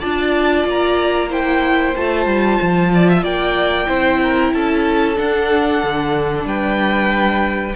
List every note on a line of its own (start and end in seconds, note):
0.00 0.66 D4
0.00 1.31 F4
0.00 1.29 D5
0.00 0.65 A5
0.66 1.95 A#3
0.66 1.33 A#5
1.30 1.95 E4
1.30 2.91 C5
1.30 1.97 G5
1.97 2.27 A3
1.97 3.87 F4
1.97 3.25 A5
2.27 2.59 G3
2.62 3.24 F3
2.94 3.10 D5
3.10 3.24 E5
3.24 3.88 A#3
3.24 3.88 D5
3.24 4.54 G5
3.87 4.54 C4
3.87 5.16 E4
3.87 4.20 C5
4.23 4.54 A#4
4.54 5.18 C#4
4.54 6.47 A4
4.54 5.18 A5
5.16 7.74 D4
5.16 5.84 D4
5.16 6.48 F#5
5.84 6.45 D3
6.45 7.74 G3
6.45 7.76 B4
6.45 7.77 G5